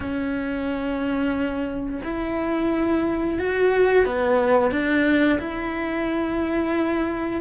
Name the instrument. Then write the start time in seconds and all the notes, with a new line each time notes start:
cello
0.00 C#4
2.04 E4
3.38 F#4
4.05 B3
4.71 D4
5.39 E4